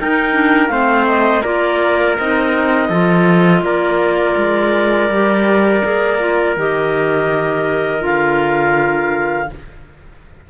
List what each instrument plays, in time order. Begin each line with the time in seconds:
0.00 cello D#4, clarinet D#4 G5, trumpet A#4
0.33 clarinet D4
0.68 cello A3, clarinet C4 F5, trumpet C5
1.07 clarinet D#5
1.43 cello A#3, clarinet F4 D5, trumpet A#4
2.18 cello C4, clarinet D#4 D#5
2.90 cello F3, clarinet F4, trumpet A4
3.62 cello A#3, trumpet A#4, clarinet D5
4.37 cello G#3
5.10 cello G3, clarinet G4
5.83 cello A#3, clarinet G#4
6.20 clarinet F4
6.57 cello D#3, clarinet G4 D#5
8.00 cello D3, clarinet F4 F5